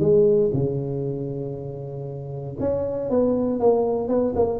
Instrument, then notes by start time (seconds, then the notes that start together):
tuba
0.00 G#3
0.53 C#3
2.60 C#4
3.10 B3
3.60 A#3
4.08 B3
4.35 A#3